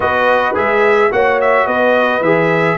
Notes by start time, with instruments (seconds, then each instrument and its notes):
0.00 tuba B3, trombone F#4, horn B4, trumpet D#5
0.54 tuba G#3, trombone G#4, trumpet E5
1.10 tuba A#3, trombone F#4, horn C#5, trumpet F#5
1.41 trumpet E5
1.66 tuba B3, horn B4, trumpet D#5
2.20 tuba E3, trombone G#4, trumpet E5